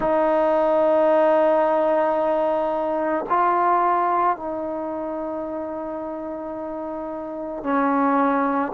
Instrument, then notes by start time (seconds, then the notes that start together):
trombone
0.00 D#4
3.29 F4
4.36 D#4
7.63 C#4